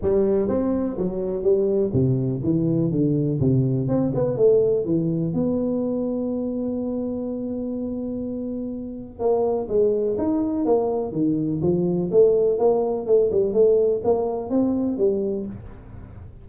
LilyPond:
\new Staff \with { instrumentName = "tuba" } { \time 4/4 \tempo 4 = 124 g4 c'4 fis4 g4 | c4 e4 d4 c4 | c'8 b8 a4 e4 b4~ | b1~ |
b2. ais4 | gis4 dis'4 ais4 dis4 | f4 a4 ais4 a8 g8 | a4 ais4 c'4 g4 | }